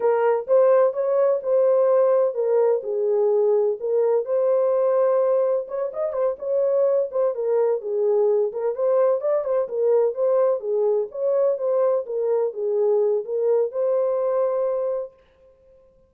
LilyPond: \new Staff \with { instrumentName = "horn" } { \time 4/4 \tempo 4 = 127 ais'4 c''4 cis''4 c''4~ | c''4 ais'4 gis'2 | ais'4 c''2. | cis''8 dis''8 c''8 cis''4. c''8 ais'8~ |
ais'8 gis'4. ais'8 c''4 d''8 | c''8 ais'4 c''4 gis'4 cis''8~ | cis''8 c''4 ais'4 gis'4. | ais'4 c''2. | }